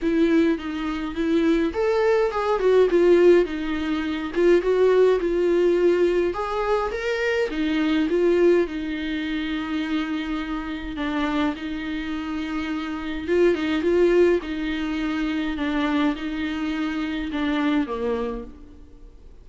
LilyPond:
\new Staff \with { instrumentName = "viola" } { \time 4/4 \tempo 4 = 104 e'4 dis'4 e'4 a'4 | gis'8 fis'8 f'4 dis'4. f'8 | fis'4 f'2 gis'4 | ais'4 dis'4 f'4 dis'4~ |
dis'2. d'4 | dis'2. f'8 dis'8 | f'4 dis'2 d'4 | dis'2 d'4 ais4 | }